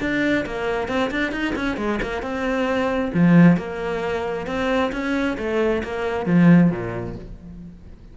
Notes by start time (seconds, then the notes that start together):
0.00 D4
0.45 A#3
0.88 C4
1.11 D4
1.31 D#4
1.55 C#4
1.77 G#3
2.02 A#3
2.22 C4
3.14 F3
3.57 A#3
4.46 C4
4.92 C#4
5.38 A3
5.83 A#3
6.26 F3
6.70 A#2